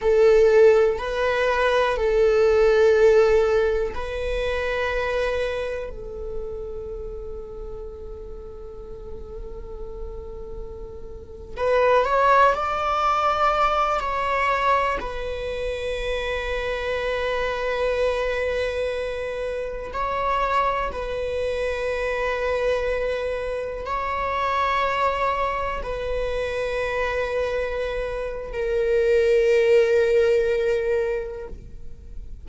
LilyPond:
\new Staff \with { instrumentName = "viola" } { \time 4/4 \tempo 4 = 61 a'4 b'4 a'2 | b'2 a'2~ | a'2.~ a'8. b'16~ | b'16 cis''8 d''4. cis''4 b'8.~ |
b'1~ | b'16 cis''4 b'2~ b'8.~ | b'16 cis''2 b'4.~ b'16~ | b'4 ais'2. | }